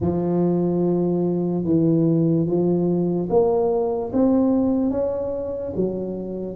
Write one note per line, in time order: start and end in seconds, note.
0.00 1.64 F3
1.64 2.46 E3
2.46 3.28 F3
3.29 4.11 A#3
4.12 4.91 C4
4.91 5.73 C#4
5.76 6.56 F#3